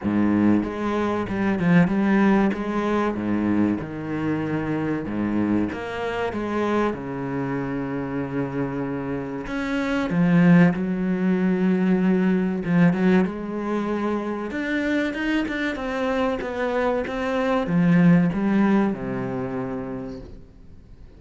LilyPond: \new Staff \with { instrumentName = "cello" } { \time 4/4 \tempo 4 = 95 gis,4 gis4 g8 f8 g4 | gis4 gis,4 dis2 | gis,4 ais4 gis4 cis4~ | cis2. cis'4 |
f4 fis2. | f8 fis8 gis2 d'4 | dis'8 d'8 c'4 b4 c'4 | f4 g4 c2 | }